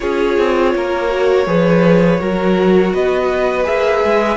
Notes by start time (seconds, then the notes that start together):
0.00 C#4 F4 G#4 C#5
0.38 C4
0.74 A#3 A#4
1.09 F#4
1.46 F3 G#4 B4
2.19 F#3 F#4 A#4
2.93 B3 B4 D#5
3.63 A#3 G#4 E5
4.04 G#3